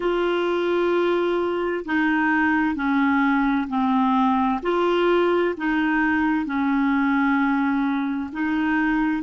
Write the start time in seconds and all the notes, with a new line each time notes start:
0.00 F4
1.85 D#4
2.75 C#4
3.68 C4
4.62 F4
5.57 D#4
6.45 C#4
8.32 D#4